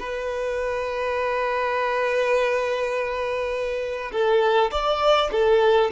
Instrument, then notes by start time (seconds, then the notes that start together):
violin
0.00 B4
4.12 A4
4.72 D5
5.32 A4